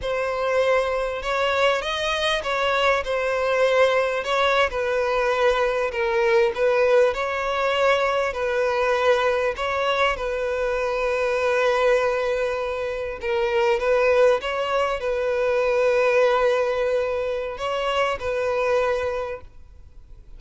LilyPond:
\new Staff \with { instrumentName = "violin" } { \time 4/4 \tempo 4 = 99 c''2 cis''4 dis''4 | cis''4 c''2 cis''8. b'16~ | b'4.~ b'16 ais'4 b'4 cis''16~ | cis''4.~ cis''16 b'2 cis''16~ |
cis''8. b'2.~ b'16~ | b'4.~ b'16 ais'4 b'4 cis''16~ | cis''8. b'2.~ b'16~ | b'4 cis''4 b'2 | }